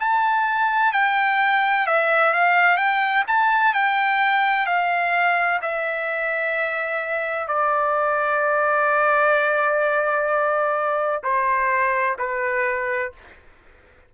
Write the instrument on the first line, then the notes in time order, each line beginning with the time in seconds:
trumpet
0.00 A5
0.93 G5
1.87 E5
2.34 F5
2.77 G5
3.28 A5
3.74 G5
4.66 F5
5.62 E5
7.48 D5
11.24 C5
12.19 B4